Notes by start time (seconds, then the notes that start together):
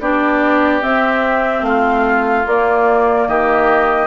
0.00 B3 D4 G4 D5
0.81 C4 E5
1.62 A3 F4 F5
2.46 A#3 D5
3.28 D#3 G4 D#5